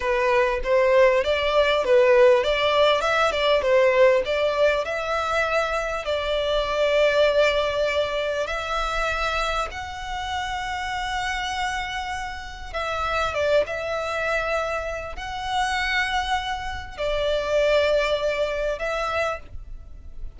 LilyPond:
\new Staff \with { instrumentName = "violin" } { \time 4/4 \tempo 4 = 99 b'4 c''4 d''4 b'4 | d''4 e''8 d''8 c''4 d''4 | e''2 d''2~ | d''2 e''2 |
fis''1~ | fis''4 e''4 d''8 e''4.~ | e''4 fis''2. | d''2. e''4 | }